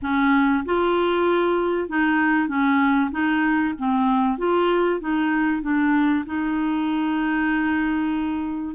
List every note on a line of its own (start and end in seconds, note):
0.01 0.64 C#4
0.65 1.88 F4
1.88 2.47 D#4
2.47 3.10 C#4
3.11 3.73 D#4
3.78 4.38 C4
4.38 5.00 F4
5.00 5.62 D#4
5.62 6.24 D4
6.26 8.75 D#4